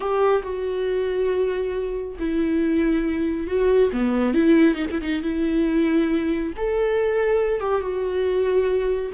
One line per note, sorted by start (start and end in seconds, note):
0.00 0.42 G4
0.42 2.16 F#4
2.19 3.47 E4
3.47 3.90 F#4
3.92 4.34 B3
4.34 4.75 E4
4.75 4.86 D#4
4.91 5.01 E4
5.01 5.22 D#4
5.22 6.53 E4
6.56 7.60 A4
7.60 7.81 G4
7.81 9.11 F#4